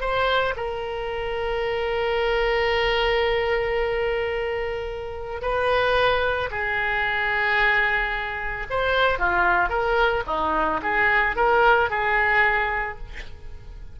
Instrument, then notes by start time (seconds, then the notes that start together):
oboe
0.00 C5
0.56 A#4
5.41 B4
6.50 G#4
8.70 C5
9.18 F4
9.69 A#4
10.26 D#4
10.82 G#4
11.36 A#4
11.90 G#4